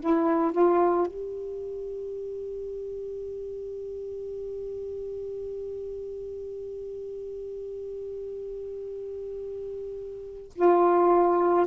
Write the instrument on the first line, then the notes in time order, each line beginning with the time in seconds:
saxophone
0.00 E4
0.52 F4
1.07 G4
10.56 F4